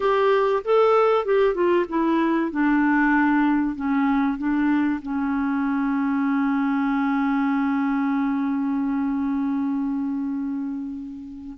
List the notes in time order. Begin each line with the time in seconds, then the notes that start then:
0.00 G4
0.64 A4
1.25 G4
1.54 F4
1.88 E4
2.51 D4
3.75 C#4
4.38 D4
5.02 C#4